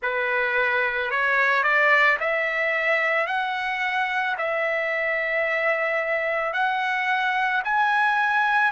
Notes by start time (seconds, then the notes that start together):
0.02 B4
1.10 C#5
1.63 D5
2.20 E5
3.26 F#5
4.37 E5
6.53 F#5
7.64 G#5